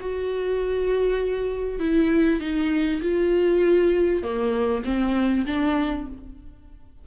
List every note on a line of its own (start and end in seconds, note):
0.00 1.79 F#4
1.79 2.40 E4
2.40 3.01 D#4
3.01 4.23 F4
4.23 4.83 A#3
4.84 5.45 C4
5.46 6.06 D4